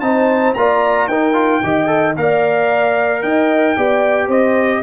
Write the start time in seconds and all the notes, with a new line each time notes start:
0.00 C4 D#4 C5 A5
0.54 A#3 F4 D5 A#5
1.07 D#4 A#4 G5
1.34 F4
1.63 D#3 G4 D#5
1.87 A4
2.17 A#3 A#4 D5 F5
3.22 D#4 D#5 G5
3.77 B3 G4 D5
4.28 C4 C5 D#5